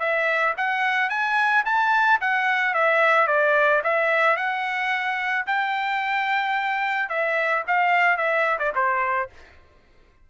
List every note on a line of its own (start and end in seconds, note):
0.00 0.55 E5
0.58 1.10 F#5
1.10 1.64 G#5
1.66 2.20 A5
2.21 2.74 F#5
2.74 3.28 E5
3.28 3.82 D5
3.84 4.37 E5
4.37 5.46 F#5
5.47 7.10 G5
7.10 7.64 E5
7.68 8.18 F5
8.18 8.59 E5
8.59 8.73 D5
8.76 9.30 C5